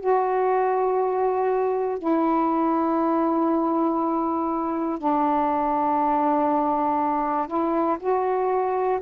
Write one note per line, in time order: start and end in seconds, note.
0.00 1.99 F#4
1.99 4.99 E4
4.99 7.47 D4
7.47 7.97 E4
8.00 9.00 F#4